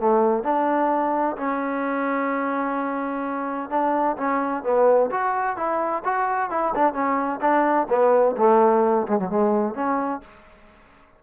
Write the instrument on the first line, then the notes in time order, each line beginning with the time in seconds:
trombone
0.00 A3
0.44 D4
1.37 C#4
3.70 D4
4.18 C#4
4.64 B3
5.11 F#4
5.57 E4
6.05 F#4
6.51 E4
6.75 D4
6.94 C#4
7.41 D4
7.90 B3
8.38 A3
9.08 G#3
9.19 F#3
9.30 G#3
9.75 C#4